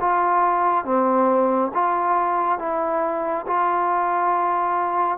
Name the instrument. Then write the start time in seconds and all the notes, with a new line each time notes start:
trombone
0.00 F4
0.85 C4
1.74 F4
2.59 E4
3.47 F4